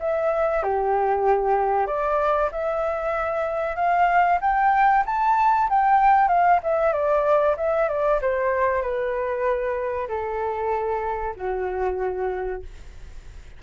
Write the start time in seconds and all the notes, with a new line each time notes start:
0.00 E5
0.63 G4
1.87 D5
2.52 E5
3.76 F5
4.41 G5
5.06 A5
5.70 G5
6.28 F5
6.63 E5
6.93 D5
7.57 E5
7.89 D5
8.22 C5
8.82 B4
10.08 A4
11.36 F#4